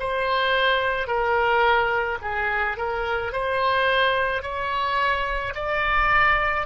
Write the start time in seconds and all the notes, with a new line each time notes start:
0.00 C5
1.08 A#4
2.22 G#4
2.78 A#4
3.33 C5
4.43 C#5
5.56 D5